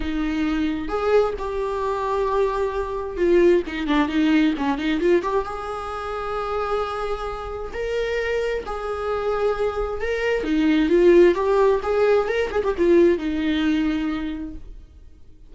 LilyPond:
\new Staff \with { instrumentName = "viola" } { \time 4/4 \tempo 4 = 132 dis'2 gis'4 g'4~ | g'2. f'4 | dis'8 d'8 dis'4 cis'8 dis'8 f'8 g'8 | gis'1~ |
gis'4 ais'2 gis'4~ | gis'2 ais'4 dis'4 | f'4 g'4 gis'4 ais'8 gis'16 g'16 | f'4 dis'2. | }